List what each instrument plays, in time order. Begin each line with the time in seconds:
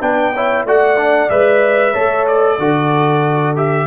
0.00 tuba B3, trombone D4, horn B4, trumpet G5
0.34 trombone E4, horn C#5
0.65 tuba A3, trombone F#4, horn D5, trumpet F#5
0.97 trombone D4
1.30 tuba G#3, trombone B4, trumpet E5
1.92 tuba A3, trombone A4, horn C#5
2.27 trumpet D5
2.58 tuba D3, trombone F#4, horn A4
3.56 trombone G4, trumpet E5